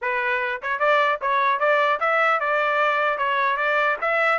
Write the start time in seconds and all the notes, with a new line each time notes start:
0.01 B4
0.62 C#5
0.79 D5
1.21 C#5
1.59 D5
2.00 E5
2.40 D5
3.18 C#5
3.56 D5
4.01 E5